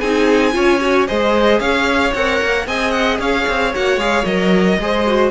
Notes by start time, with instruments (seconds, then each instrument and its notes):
0.00 cello C4, viola D#4, violin G#4 G#5
0.53 cello C#4, viola F4, violin C#5
0.81 viola F#4
1.07 cello G#3, viola G#4, violin C5 D#5
1.60 cello C#4, violin C#5 F5
2.14 cello C4, viola A#4, violin F#5
2.42 cello A#3
2.67 cello C4, viola G#4, violin D#5 G#5
2.91 violin F#5
3.19 cello C#4, violin C#5 F5
3.48 cello C4
3.74 cello A#3, viola F#4, violin F#5
3.97 cello G#3, viola G#4, violin F5
4.25 cello F#3, viola A#4, violin D#5
4.79 cello G#3, viola G#4, violin C5
5.07 viola F#4